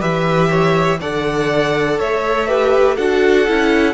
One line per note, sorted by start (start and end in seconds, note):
0.00 1.01 E3
0.00 0.99 G4
0.00 0.49 B4
0.00 1.00 E5
0.50 0.99 C#5
1.01 2.00 D3
1.01 2.48 A4
1.01 1.99 D5
1.01 2.00 F#5
1.99 2.98 A3
1.99 2.48 C#5
1.99 2.97 E5
2.48 2.97 G4
2.48 2.96 B4
2.96 3.48 D4
2.96 3.48 F#4
2.96 3.94 A4
2.96 3.94 F#5
3.48 3.94 C#4
3.48 3.94 E4